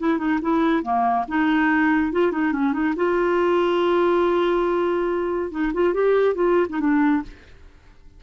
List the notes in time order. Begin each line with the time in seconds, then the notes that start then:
0.00 E4
0.18 D#4
0.42 E4
0.83 A#3
1.28 D#4
2.13 F4
2.32 D#4
2.53 C#4
2.73 D#4
2.96 F4
5.51 D#4
5.74 F4
5.94 G4
6.35 F4
6.70 D#4
6.80 D4